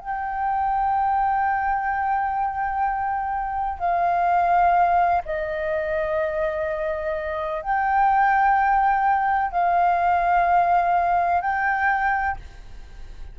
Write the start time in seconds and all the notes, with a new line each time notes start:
0.00 G5
3.79 F5
5.25 D#5
7.62 G5
9.52 F5
11.42 G5